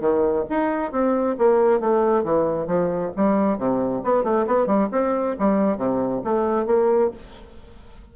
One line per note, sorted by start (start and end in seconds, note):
0.00 0.44 D#3
0.49 0.91 D#4
0.91 1.36 C4
1.38 1.80 A#3
1.80 2.23 A3
2.23 2.67 E3
2.67 3.11 F3
3.16 3.58 G3
3.58 4.02 C3
4.04 4.24 B3
4.24 4.46 A3
4.47 4.66 B3
4.66 4.88 G3
4.92 5.36 C4
5.39 5.77 G3
5.77 6.22 C3
6.24 6.66 A3
6.66 7.11 A#3